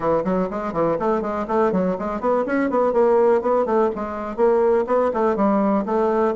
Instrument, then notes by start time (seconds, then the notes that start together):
bassoon
0.00 E3
0.24 F#3
0.50 G#3
0.73 E3
0.99 A3
1.21 G#3
1.47 A3
1.72 F#3
1.98 G#3
2.20 B3
2.45 C#4
2.70 B3
2.93 A#3
3.41 B3
3.65 A3
3.95 G#3
4.36 A#3
4.86 B3
5.13 A3
5.36 G3
5.85 A3